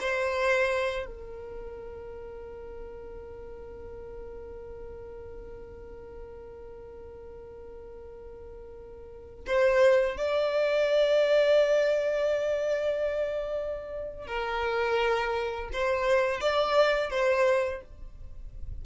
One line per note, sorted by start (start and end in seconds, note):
0.00 1.06 C5
1.06 9.45 A#4
9.46 10.17 C5
10.17 14.27 D5
14.27 15.70 A#4
15.72 16.40 C5
16.40 17.10 D5
17.10 17.81 C5